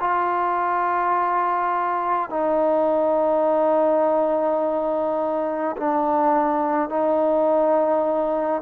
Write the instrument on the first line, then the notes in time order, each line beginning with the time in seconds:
trombone
0.00 F4
2.30 D#4
5.77 D4
6.89 D#4